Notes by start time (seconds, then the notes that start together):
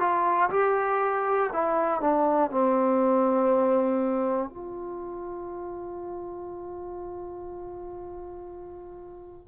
0.00 F4
0.50 G4
1.53 E4
2.01 D4
2.51 C4
4.50 F4